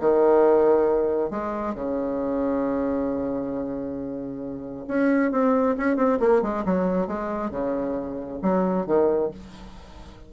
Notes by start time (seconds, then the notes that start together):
0.00 D#3
1.31 G#3
1.74 C#3
4.88 C#4
5.31 C4
5.77 C#4
5.96 C4
6.20 A#3
6.42 G#3
6.65 F#3
7.07 G#3
7.51 C#3
8.42 F#3
8.86 D#3